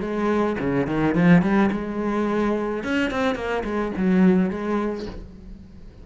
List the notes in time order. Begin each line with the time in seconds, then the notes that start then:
0.00 G#3
0.59 C#3
0.86 D#3
1.14 F3
1.42 G3
1.71 G#3
2.83 C#4
3.10 C4
3.35 A#3
3.64 G#3
3.97 F#3
4.50 G#3